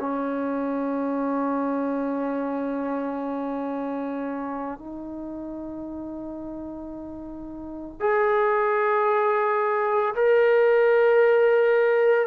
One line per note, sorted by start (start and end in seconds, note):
0.00 4.79 C#4
4.79 8.00 D#4
8.01 10.15 G#4
10.15 12.27 A#4